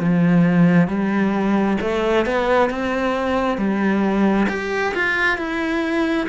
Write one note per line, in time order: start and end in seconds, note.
0.00 0.88 F3
0.88 1.77 G3
1.81 2.26 A3
2.26 2.70 B3
2.70 3.58 C4
3.58 4.47 G3
4.49 4.94 G4
4.95 5.38 F4
5.38 6.28 E4